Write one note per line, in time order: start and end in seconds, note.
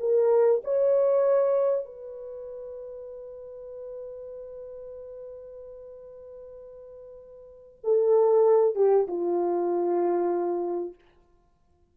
0.00 0.62 A#4
0.64 1.86 C#5
1.86 7.79 B4
7.84 8.76 A4
8.76 9.07 G4
9.08 10.95 F4